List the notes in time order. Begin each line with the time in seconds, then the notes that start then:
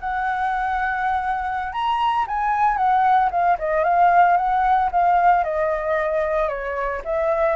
0.00 F#5
1.72 A#5
2.27 G#5
2.76 F#5
3.30 F5
3.58 D#5
3.84 F5
4.37 F#5
4.91 F5
5.44 D#5
6.48 C#5
7.04 E5